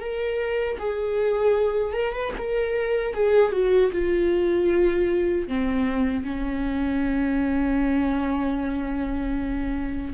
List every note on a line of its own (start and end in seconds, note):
0.00 0.78 A#4
0.79 1.93 G#4
1.93 2.13 A#4
2.13 2.32 B4
2.38 3.14 A#4
3.14 3.52 G#4
3.52 3.91 F#4
3.92 5.48 F4
5.48 6.24 C4
6.24 10.14 C#4